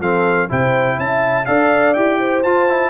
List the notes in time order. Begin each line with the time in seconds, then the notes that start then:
0.00 F3 C4 A4 F5
0.49 C3 E4 C5 G5
0.98 C#4 E5 A5
1.46 D4 A4 D5 F5
1.94 E4 G4 G5
2.20 C5
2.43 F4 A5
2.69 E4